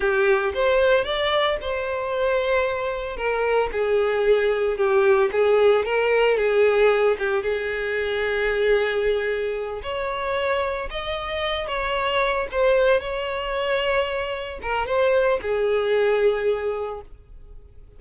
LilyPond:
\new Staff \with { instrumentName = "violin" } { \time 4/4 \tempo 4 = 113 g'4 c''4 d''4 c''4~ | c''2 ais'4 gis'4~ | gis'4 g'4 gis'4 ais'4 | gis'4. g'8 gis'2~ |
gis'2~ gis'8 cis''4.~ | cis''8 dis''4. cis''4. c''8~ | c''8 cis''2. ais'8 | c''4 gis'2. | }